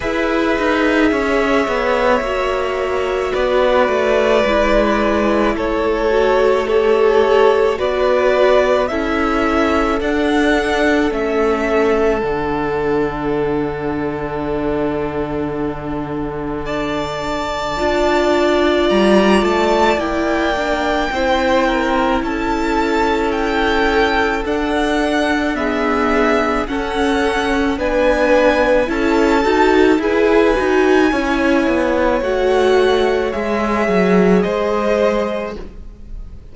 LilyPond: <<
  \new Staff \with { instrumentName = "violin" } { \time 4/4 \tempo 4 = 54 e''2. d''4~ | d''4 cis''4 a'4 d''4 | e''4 fis''4 e''4 fis''4~ | fis''2. a''4~ |
a''4 ais''8 a''8 g''2 | a''4 g''4 fis''4 e''4 | fis''4 gis''4 a''4 gis''4~ | gis''4 fis''4 e''4 dis''4 | }
  \new Staff \with { instrumentName = "violin" } { \time 4/4 b'4 cis''2 b'4~ | b'4 a'4 cis''4 b'4 | a'1~ | a'2. d''4~ |
d''2. c''8 ais'8 | a'2. gis'4 | a'4 b'4 a'4 b'4 | cis''2. c''4 | }
  \new Staff \with { instrumentName = "viola" } { \time 4/4 gis'2 fis'2 | e'4. fis'8 g'4 fis'4 | e'4 d'4 cis'4 d'4~ | d'1 |
f'2 e'8 d'8 e'4~ | e'2 d'4 b4 | cis'4 d'4 e'8 fis'8 gis'8 fis'8 | e'4 fis'4 gis'2 | }
  \new Staff \with { instrumentName = "cello" } { \time 4/4 e'8 dis'8 cis'8 b8 ais4 b8 a8 | gis4 a2 b4 | cis'4 d'4 a4 d4~ | d1 |
d'4 g8 a8 ais4 c'4 | cis'2 d'2 | cis'4 b4 cis'8 dis'8 e'8 dis'8 | cis'8 b8 a4 gis8 fis8 gis4 | }
>>